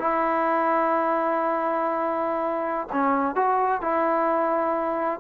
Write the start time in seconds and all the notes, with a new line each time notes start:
0.00 E4
2.92 C#4
3.36 F#4
3.82 E4